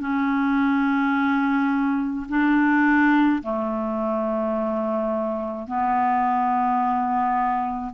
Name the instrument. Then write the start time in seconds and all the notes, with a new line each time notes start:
clarinet
0.00 C#4
2.29 D4
3.43 A3
5.68 B3